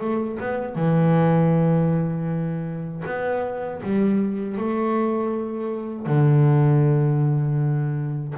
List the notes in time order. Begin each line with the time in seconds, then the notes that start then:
0.00 A3
0.39 B3
0.75 E3
3.06 B3
3.82 G3
4.57 A3
6.06 D3